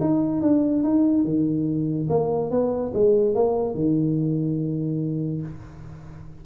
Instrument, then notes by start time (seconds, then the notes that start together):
tuba
0.00 D#4
0.41 D4
0.83 D#4
1.24 D#3
2.09 A#3
2.50 B3
2.93 G#3
3.34 A#3
3.74 D#3